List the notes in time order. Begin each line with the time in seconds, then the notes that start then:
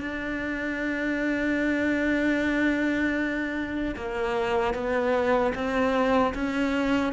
0.00 D4
3.96 A#3
4.73 B3
5.54 C4
6.34 C#4